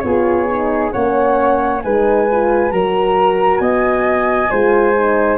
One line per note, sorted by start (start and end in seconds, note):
0.00 0.93 B3
0.00 0.48 F4
0.00 0.92 G#4
0.00 0.90 C#5
0.49 0.91 D#4
0.91 1.84 A#3
0.91 1.80 C#4
0.91 1.82 C#5
0.91 1.81 F#5
1.82 2.72 G#3
1.82 2.28 D#4
1.82 2.72 B4
1.82 2.71 G#5
2.31 2.71 F4
2.71 3.60 F#3
2.71 4.50 F#4
2.71 3.61 A#4
2.71 3.57 A#5
3.57 4.49 B3
3.57 4.50 D#5
3.57 5.36 G#5
4.50 5.37 G#3
4.50 4.95 F4
4.50 5.37 C5
4.95 5.37 D#4